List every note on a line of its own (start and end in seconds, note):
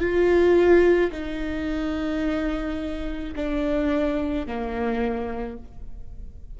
0.00 1.11 F4
1.12 3.34 D#4
3.36 4.47 D4
4.47 5.58 A#3